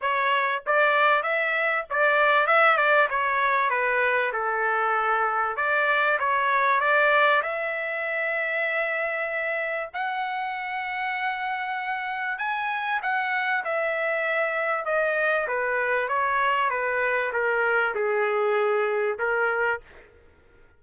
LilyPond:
\new Staff \with { instrumentName = "trumpet" } { \time 4/4 \tempo 4 = 97 cis''4 d''4 e''4 d''4 | e''8 d''8 cis''4 b'4 a'4~ | a'4 d''4 cis''4 d''4 | e''1 |
fis''1 | gis''4 fis''4 e''2 | dis''4 b'4 cis''4 b'4 | ais'4 gis'2 ais'4 | }